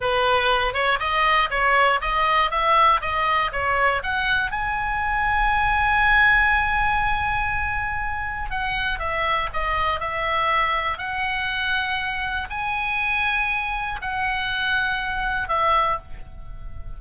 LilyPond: \new Staff \with { instrumentName = "oboe" } { \time 4/4 \tempo 4 = 120 b'4. cis''8 dis''4 cis''4 | dis''4 e''4 dis''4 cis''4 | fis''4 gis''2.~ | gis''1~ |
gis''4 fis''4 e''4 dis''4 | e''2 fis''2~ | fis''4 gis''2. | fis''2. e''4 | }